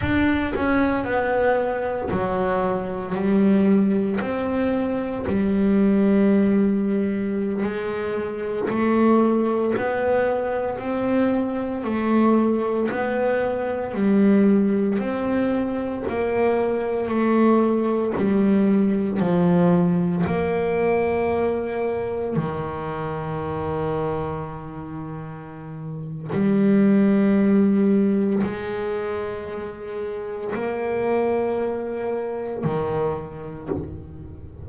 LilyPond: \new Staff \with { instrumentName = "double bass" } { \time 4/4 \tempo 4 = 57 d'8 cis'8 b4 fis4 g4 | c'4 g2~ g16 gis8.~ | gis16 a4 b4 c'4 a8.~ | a16 b4 g4 c'4 ais8.~ |
ais16 a4 g4 f4 ais8.~ | ais4~ ais16 dis2~ dis8.~ | dis4 g2 gis4~ | gis4 ais2 dis4 | }